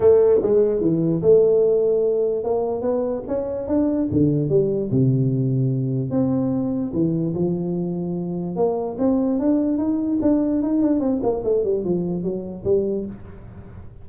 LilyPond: \new Staff \with { instrumentName = "tuba" } { \time 4/4 \tempo 4 = 147 a4 gis4 e4 a4~ | a2 ais4 b4 | cis'4 d'4 d4 g4 | c2. c'4~ |
c'4 e4 f2~ | f4 ais4 c'4 d'4 | dis'4 d'4 dis'8 d'8 c'8 ais8 | a8 g8 f4 fis4 g4 | }